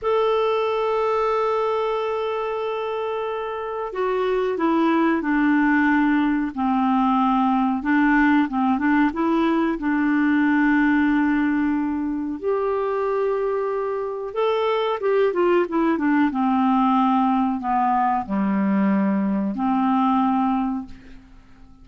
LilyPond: \new Staff \with { instrumentName = "clarinet" } { \time 4/4 \tempo 4 = 92 a'1~ | a'2 fis'4 e'4 | d'2 c'2 | d'4 c'8 d'8 e'4 d'4~ |
d'2. g'4~ | g'2 a'4 g'8 f'8 | e'8 d'8 c'2 b4 | g2 c'2 | }